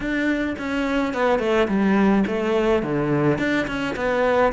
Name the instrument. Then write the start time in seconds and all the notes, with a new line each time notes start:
cello
0.00 D4
0.58 C#4
1.13 B3
1.39 A3
1.67 G3
2.26 A3
2.83 D3
3.38 D4
3.67 C#4
3.95 B3